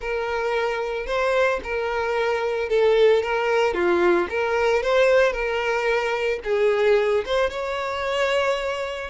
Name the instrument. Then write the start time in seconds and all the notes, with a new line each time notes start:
violin
0.00 A#4
1.06 C5
1.63 A#4
2.69 A4
3.22 A#4
3.74 F4
4.29 A#4
4.82 C5
5.32 A#4
6.44 G#4
7.25 C5
7.50 C#5